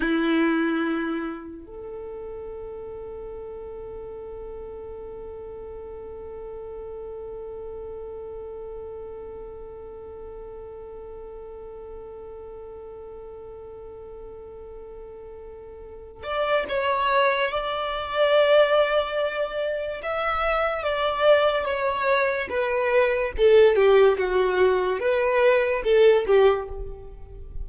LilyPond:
\new Staff \with { instrumentName = "violin" } { \time 4/4 \tempo 4 = 72 e'2 a'2~ | a'1~ | a'1~ | a'1~ |
a'2.~ a'8 d''8 | cis''4 d''2. | e''4 d''4 cis''4 b'4 | a'8 g'8 fis'4 b'4 a'8 g'8 | }